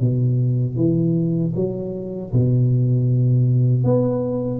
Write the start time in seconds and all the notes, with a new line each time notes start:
0.00 B2
0.76 E3
1.56 F#3
2.33 B2
3.84 B3